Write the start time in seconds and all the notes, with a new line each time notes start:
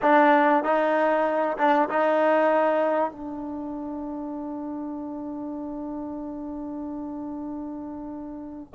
0.01 D4
0.63 D#4
1.57 D4
1.89 D#4
3.10 D4